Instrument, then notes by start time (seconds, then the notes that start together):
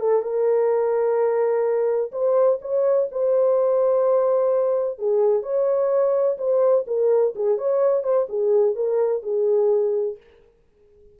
horn
0.00 A4
0.23 A#4
2.12 C5
2.62 C#5
3.12 C5
4.99 G#4
5.43 C#5
6.38 C5
6.87 A#4
7.36 G#4
7.58 C#5
8.04 C5
8.29 G#4
8.76 A#4
9.23 G#4